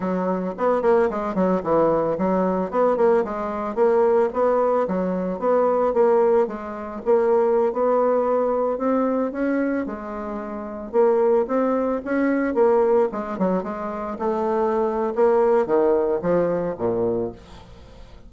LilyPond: \new Staff \with { instrumentName = "bassoon" } { \time 4/4 \tempo 4 = 111 fis4 b8 ais8 gis8 fis8 e4 | fis4 b8 ais8 gis4 ais4 | b4 fis4 b4 ais4 | gis4 ais4~ ais16 b4.~ b16~ |
b16 c'4 cis'4 gis4.~ gis16~ | gis16 ais4 c'4 cis'4 ais8.~ | ais16 gis8 fis8 gis4 a4.~ a16 | ais4 dis4 f4 ais,4 | }